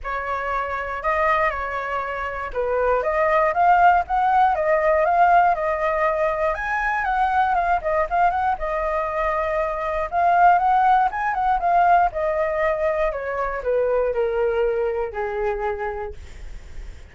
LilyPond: \new Staff \with { instrumentName = "flute" } { \time 4/4 \tempo 4 = 119 cis''2 dis''4 cis''4~ | cis''4 b'4 dis''4 f''4 | fis''4 dis''4 f''4 dis''4~ | dis''4 gis''4 fis''4 f''8 dis''8 |
f''8 fis''8 dis''2. | f''4 fis''4 gis''8 fis''8 f''4 | dis''2 cis''4 b'4 | ais'2 gis'2 | }